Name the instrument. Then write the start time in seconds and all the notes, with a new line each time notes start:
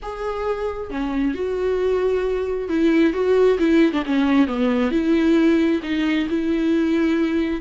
viola
0.02 G#4
0.90 C#4
1.34 F#4
2.68 E4
3.13 F#4
3.58 E4
3.92 D4
4.05 C#4
4.47 B3
4.91 E4
5.82 D#4
6.29 E4